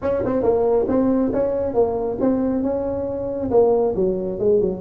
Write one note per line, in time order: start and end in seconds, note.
0.01 0.23 C#4
0.25 0.42 C4
0.42 0.86 A#3
0.88 1.31 C4
1.33 1.74 C#4
1.74 2.17 A#3
2.20 2.63 C4
2.63 3.50 C#4
3.50 3.94 A#3
3.95 4.39 F#3
4.39 4.60 G#3
4.60 4.81 F#3